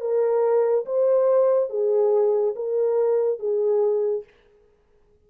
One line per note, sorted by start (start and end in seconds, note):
0.00 0.85 A#4
0.85 1.69 C5
1.69 2.55 G#4
2.55 3.39 A#4
3.39 4.24 G#4